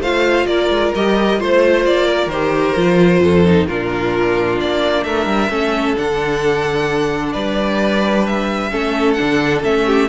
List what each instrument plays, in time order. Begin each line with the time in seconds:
0.00 cello A3, viola F4, violin C5 F5
0.46 cello A#3, violin A#4 D5
0.70 cello G#3
0.95 cello G3, viola G4, violin D#5
1.39 cello A3, viola F4, violin C5
1.86 cello A#3, violin D5
2.07 violin A#4
2.27 cello D#3, viola G4, violin C5
2.77 cello F3, viola F4
3.20 cello F2, violin A4
3.46 viola D#4
3.68 cello A#2, viola D4, violin F4 A#4
4.60 cello A#3, violin D5
5.04 cello A3, violin A#4 E5
5.26 cello G3
5.50 cello A3, viola C#4, violin A4
5.96 cello D3, viola D4, violin F#5
7.33 cello G3, violin B4 D5
8.27 violin E5
8.71 cello A3, viola C#4, violin A4
9.13 viola D4, violin F#5
9.21 cello D3
9.63 cello A3, viola C#4, violin E5
9.87 violin G4